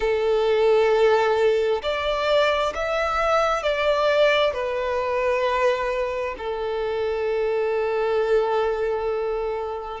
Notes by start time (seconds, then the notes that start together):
0.00 A4
1.82 D5
2.74 E5
3.62 D5
4.53 B4
6.38 A4